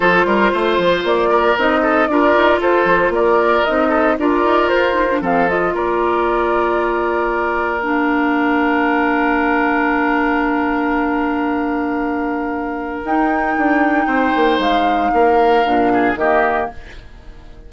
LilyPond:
<<
  \new Staff \with { instrumentName = "flute" } { \time 4/4 \tempo 4 = 115 c''2 d''4 dis''4 | d''4 c''4 d''4 dis''4 | d''4 c''4 f''8 dis''8 d''4~ | d''2. f''4~ |
f''1~ | f''1~ | f''4 g''2. | f''2. dis''4 | }
  \new Staff \with { instrumentName = "oboe" } { \time 4/4 a'8 ais'8 c''4. ais'4 a'8 | ais'4 a'4 ais'4. a'8 | ais'2 a'4 ais'4~ | ais'1~ |
ais'1~ | ais'1~ | ais'2. c''4~ | c''4 ais'4. gis'8 g'4 | }
  \new Staff \with { instrumentName = "clarinet" } { \time 4/4 f'2. dis'4 | f'2. dis'4 | f'4. dis'16 d'16 c'8 f'4.~ | f'2. d'4~ |
d'1~ | d'1~ | d'4 dis'2.~ | dis'2 d'4 ais4 | }
  \new Staff \with { instrumentName = "bassoon" } { \time 4/4 f8 g8 a8 f8 ais4 c'4 | d'8 dis'8 f'8 f8 ais4 c'4 | d'8 dis'8 f'4 f4 ais4~ | ais1~ |
ais1~ | ais1~ | ais4 dis'4 d'4 c'8 ais8 | gis4 ais4 ais,4 dis4 | }
>>